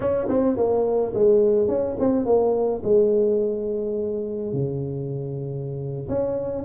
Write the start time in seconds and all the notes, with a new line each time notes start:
0.00 C#4
0.28 C4
0.56 A#3
1.14 G#3
1.67 C#4
1.99 C4
2.25 A#3
2.83 G#3
4.53 C#3
6.08 C#4